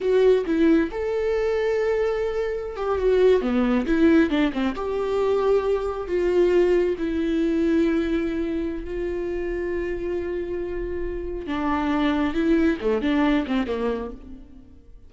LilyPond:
\new Staff \with { instrumentName = "viola" } { \time 4/4 \tempo 4 = 136 fis'4 e'4 a'2~ | a'2~ a'16 g'8 fis'4 b16~ | b8. e'4 d'8 c'8 g'4~ g'16~ | g'4.~ g'16 f'2 e'16~ |
e'1 | f'1~ | f'2 d'2 | e'4 a8 d'4 c'8 ais4 | }